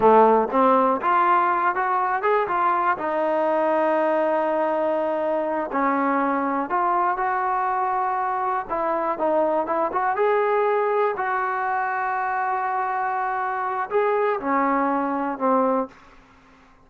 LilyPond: \new Staff \with { instrumentName = "trombone" } { \time 4/4 \tempo 4 = 121 a4 c'4 f'4. fis'8~ | fis'8 gis'8 f'4 dis'2~ | dis'2.~ dis'8 cis'8~ | cis'4. f'4 fis'4.~ |
fis'4. e'4 dis'4 e'8 | fis'8 gis'2 fis'4.~ | fis'1 | gis'4 cis'2 c'4 | }